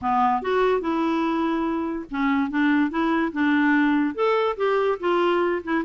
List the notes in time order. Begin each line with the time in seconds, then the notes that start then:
0.01 B3
0.41 F#4
0.80 E4
2.11 C#4
2.50 D4
2.90 E4
3.32 D4
4.14 A4
4.56 G4
4.99 F4
5.63 E4